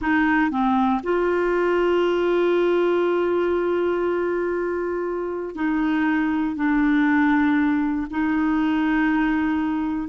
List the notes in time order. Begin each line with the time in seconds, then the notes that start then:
0.01 D#4
0.50 C4
1.03 F4
5.55 D#4
6.55 D4
8.10 D#4